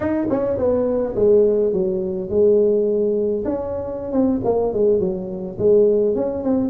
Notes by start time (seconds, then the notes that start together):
0.00 D#4
0.30 C#4
0.57 B3
1.15 G#3
1.72 F#3
2.29 G#3
3.44 C#4
4.11 C4
4.44 A#3
4.73 G#3
4.99 F#3
5.58 G#3
6.15 C#4
6.43 C4